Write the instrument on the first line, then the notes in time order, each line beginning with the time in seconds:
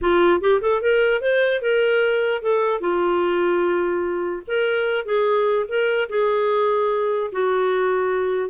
clarinet
0.01 F4
0.40 G4
0.61 A4
0.81 A#4
1.21 C5
1.61 A#4
2.41 A4
2.80 F4
4.47 A#4
5.05 G#4
5.68 A#4
6.09 G#4
7.32 F#4